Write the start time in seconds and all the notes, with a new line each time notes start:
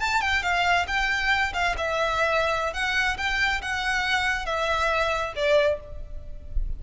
0.00 A5
0.21 G5
0.43 F5
0.88 G5
1.54 F5
1.78 E5
2.74 F#5
3.18 G5
3.62 F#5
4.46 E5
5.36 D5